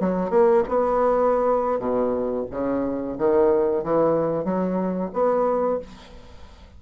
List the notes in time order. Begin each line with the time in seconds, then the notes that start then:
0.00 F#3
0.30 A#3
0.69 B3
1.79 B2
2.51 C#3
3.18 D#3
3.84 E3
4.45 F#3
5.13 B3